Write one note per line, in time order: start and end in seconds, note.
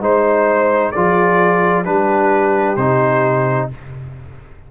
0.00 0.92 G#3
0.00 0.93 D#4
0.00 0.93 C5
0.00 0.92 C5
0.92 1.87 F3
0.92 1.85 F4
0.92 1.83 G#4
0.92 1.84 D5
1.83 2.77 G3
1.83 2.77 D4
1.83 3.68 G4
1.83 2.76 B4
2.76 3.69 C3
2.76 3.71 D#4
2.76 3.69 C5